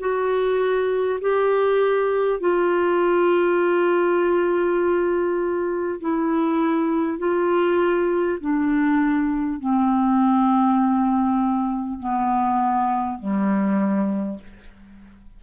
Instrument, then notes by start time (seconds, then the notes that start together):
clarinet
0.00 F#4
1.21 G4
2.41 F4
6.01 E4
7.18 F4
8.41 D4
9.60 C4
11.99 B3
13.19 G3